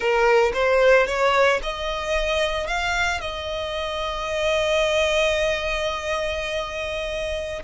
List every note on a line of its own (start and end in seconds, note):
0.00 0.52 A#4
0.53 1.06 C5
1.06 1.60 C#5
1.62 2.67 D#5
2.67 3.20 F5
3.20 7.62 D#5